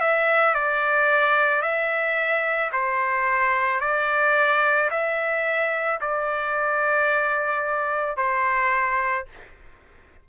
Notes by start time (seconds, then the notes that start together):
0.00 E5
0.55 D5
1.62 E5
2.73 C5
3.80 D5
4.90 E5
6.01 D5
8.17 C5